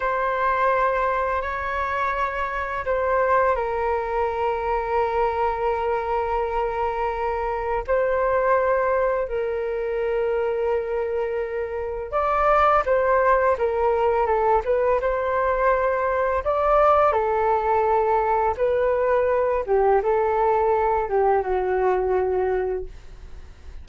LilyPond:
\new Staff \with { instrumentName = "flute" } { \time 4/4 \tempo 4 = 84 c''2 cis''2 | c''4 ais'2.~ | ais'2. c''4~ | c''4 ais'2.~ |
ais'4 d''4 c''4 ais'4 | a'8 b'8 c''2 d''4 | a'2 b'4. g'8 | a'4. g'8 fis'2 | }